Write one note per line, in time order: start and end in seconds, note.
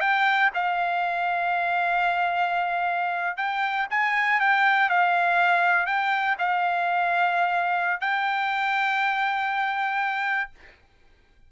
0.00 0.50 G5
0.54 3.37 F5
3.37 3.87 G5
3.90 4.40 G#5
4.40 4.89 G5
4.89 5.86 F5
5.86 6.36 G5
6.39 8.00 F5
8.00 10.50 G5